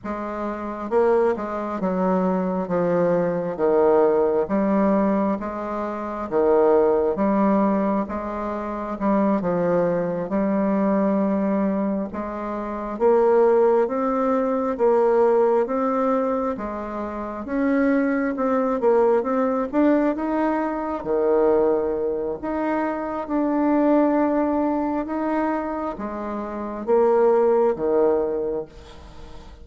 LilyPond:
\new Staff \with { instrumentName = "bassoon" } { \time 4/4 \tempo 4 = 67 gis4 ais8 gis8 fis4 f4 | dis4 g4 gis4 dis4 | g4 gis4 g8 f4 g8~ | g4. gis4 ais4 c'8~ |
c'8 ais4 c'4 gis4 cis'8~ | cis'8 c'8 ais8 c'8 d'8 dis'4 dis8~ | dis4 dis'4 d'2 | dis'4 gis4 ais4 dis4 | }